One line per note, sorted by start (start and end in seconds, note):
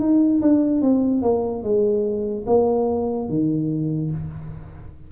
0.00 0.41 D#4
0.42 0.82 D4
0.82 1.23 C4
1.23 1.64 A#3
1.64 2.46 G#3
2.47 3.29 A#3
3.29 4.11 D#3